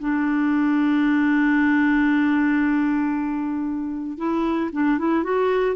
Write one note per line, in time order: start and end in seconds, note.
0.00 4.18 D4
4.18 4.71 E4
4.73 4.99 D4
4.99 5.24 E4
5.24 5.76 F#4